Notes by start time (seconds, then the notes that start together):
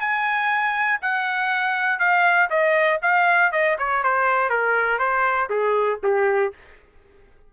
0.00 G#5
1.02 F#5
1.99 F5
2.50 D#5
3.02 F5
3.52 D#5
3.78 C#5
4.03 C5
4.50 A#4
4.99 C5
5.50 G#4
6.03 G4